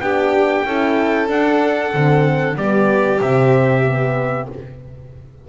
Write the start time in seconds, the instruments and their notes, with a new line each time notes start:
0.00 double bass B3, horn D4, violin G4, trumpet G5
0.65 double bass C#4, horn E4, violin A4
1.27 horn D4, double bass D4, trumpet F#5
1.92 double bass D3, horn C4
2.56 double bass G3, horn B3, violin G4, trumpet D5
3.20 double bass C3, horn C4, trumpet E5
3.85 horn B3